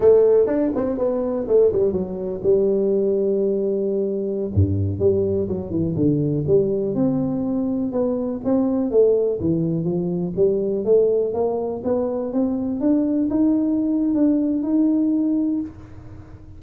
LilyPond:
\new Staff \with { instrumentName = "tuba" } { \time 4/4 \tempo 4 = 123 a4 d'8 c'8 b4 a8 g8 | fis4 g2.~ | g4~ g16 g,4 g4 fis8 e16~ | e16 d4 g4 c'4.~ c'16~ |
c'16 b4 c'4 a4 e8.~ | e16 f4 g4 a4 ais8.~ | ais16 b4 c'4 d'4 dis'8.~ | dis'4 d'4 dis'2 | }